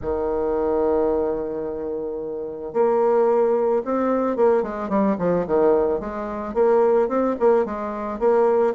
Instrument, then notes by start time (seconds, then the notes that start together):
bassoon
0.01 D#3
2.73 A#3
3.85 C4
4.36 A#3
4.62 G#3
4.89 G3
5.18 F3
5.46 D#3
6.00 G#3
6.54 A#3
7.08 C4
7.39 A#3
7.65 G#3
8.19 A#3